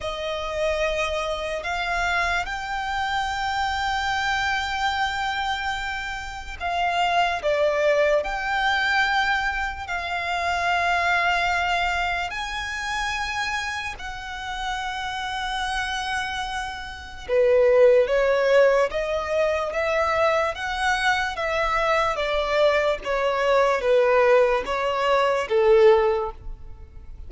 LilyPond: \new Staff \with { instrumentName = "violin" } { \time 4/4 \tempo 4 = 73 dis''2 f''4 g''4~ | g''1 | f''4 d''4 g''2 | f''2. gis''4~ |
gis''4 fis''2.~ | fis''4 b'4 cis''4 dis''4 | e''4 fis''4 e''4 d''4 | cis''4 b'4 cis''4 a'4 | }